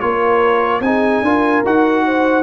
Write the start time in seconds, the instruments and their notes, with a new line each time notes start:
0.00 tuba A#3, trombone F4, horn A#4, trumpet C#5
0.80 tuba C4, trombone D#4, horn G#4, trumpet G#5
1.21 tuba D4, trombone F4, horn A#4
1.65 tuba D#4, trombone F#4, trumpet F#5
2.05 horn C5